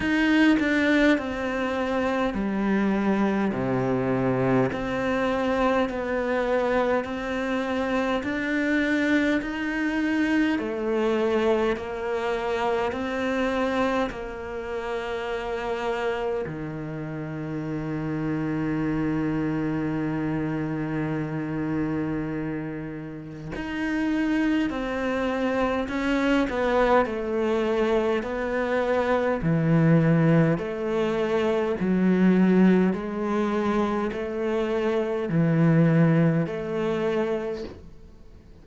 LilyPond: \new Staff \with { instrumentName = "cello" } { \time 4/4 \tempo 4 = 51 dis'8 d'8 c'4 g4 c4 | c'4 b4 c'4 d'4 | dis'4 a4 ais4 c'4 | ais2 dis2~ |
dis1 | dis'4 c'4 cis'8 b8 a4 | b4 e4 a4 fis4 | gis4 a4 e4 a4 | }